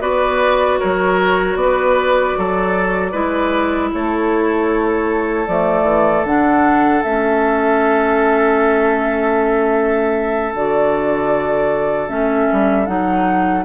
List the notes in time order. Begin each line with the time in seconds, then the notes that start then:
0.00 B3 F#4 B4 D5
0.79 F#3 A#4 C#5
1.56 B3 B4 D5
2.38 F#3 A4
3.12 G#3 E4 B4
3.93 A3 A4 C#5
5.47 F3 A3 D5
5.83 E3
6.24 D3 D4 F#5
7.03 A3 C#4 E5
10.54 D3 F#4 D5
12.08 A3 C#4 E5
12.52 G3
12.86 F#3 D#4 F#5